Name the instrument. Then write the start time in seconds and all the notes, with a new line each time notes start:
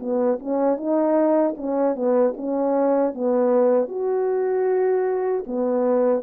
horn
0.00 B3
0.40 C#4
0.77 D#4
1.57 C#4
1.96 B3
2.37 C#4
3.15 B3
3.89 F#4
5.47 B3